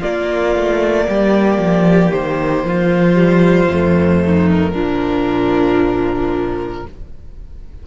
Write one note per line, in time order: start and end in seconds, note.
0.00 3.15 A#3
0.00 0.56 A#3
0.00 1.05 F4
0.00 2.12 D5
0.56 1.08 A3
1.09 1.58 G3
1.09 2.66 G4
1.58 2.11 F3
2.12 2.64 D#3
2.12 4.49 C5
2.64 3.69 F3
2.64 4.24 F4
3.15 3.68 G3
3.69 4.74 F2
3.69 4.76 A3
4.26 4.72 D#4
4.51 6.87 A#4
4.72 6.85 A#2
4.72 6.86 F3
4.72 6.83 D4